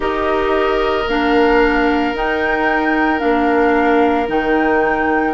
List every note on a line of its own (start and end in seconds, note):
0.00 1.05 D#4
0.00 1.04 G4
0.00 5.33 A#4
0.00 1.08 D#5
1.06 2.13 A#3
1.06 2.15 D4
1.06 2.16 F5
2.13 3.20 D#4
2.13 3.19 D#4
2.13 3.19 G5
3.19 4.28 A#3
3.19 4.26 D4
3.19 4.26 F5
4.28 5.33 D#3
4.28 5.33 D#4
4.28 5.33 G5